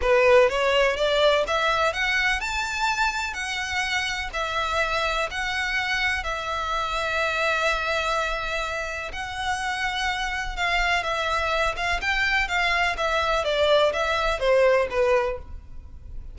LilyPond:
\new Staff \with { instrumentName = "violin" } { \time 4/4 \tempo 4 = 125 b'4 cis''4 d''4 e''4 | fis''4 a''2 fis''4~ | fis''4 e''2 fis''4~ | fis''4 e''2.~ |
e''2. fis''4~ | fis''2 f''4 e''4~ | e''8 f''8 g''4 f''4 e''4 | d''4 e''4 c''4 b'4 | }